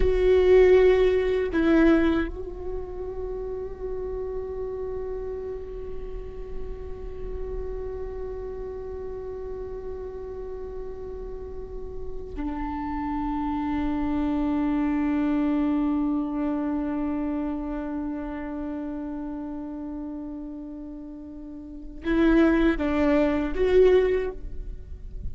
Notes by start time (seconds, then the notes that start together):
0.00 F#4
1.52 E4
2.28 F#4
12.36 D4
22.04 E4
22.77 D4
23.54 F#4